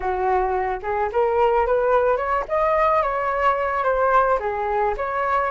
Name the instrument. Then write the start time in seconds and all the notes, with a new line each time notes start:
flute
0.00 F#4
0.82 G#4
1.12 A#4
1.66 B4
2.16 C#5
2.48 D#5
3.02 C#5
3.83 C5
4.39 G#4
4.97 C#5